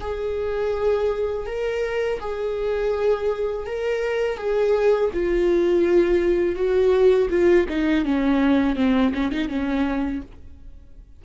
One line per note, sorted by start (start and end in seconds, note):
0.00 1.46 G#4
1.46 2.19 A#4
2.20 3.66 G#4
3.67 4.37 A#4
4.37 5.10 G#4
5.13 6.55 F4
6.55 7.28 F#4
7.30 7.66 F4
7.69 8.05 D#4
8.05 8.76 C#4
8.76 9.12 C4
9.14 9.32 C#4
9.32 9.48 D#4
9.48 10.21 C#4